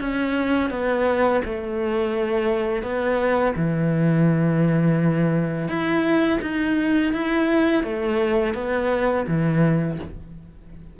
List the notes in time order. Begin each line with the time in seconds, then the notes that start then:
0.00 C#4
0.70 B3
1.44 A3
2.82 B3
3.56 E3
5.68 E4
6.42 D#4
7.13 E4
7.83 A3
8.54 B3
9.27 E3